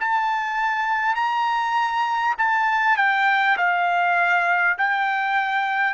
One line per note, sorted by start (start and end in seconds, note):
0.00 1.16 A5
1.16 2.36 A#5
2.38 2.97 A5
2.97 3.57 G5
3.57 4.77 F5
4.78 5.95 G5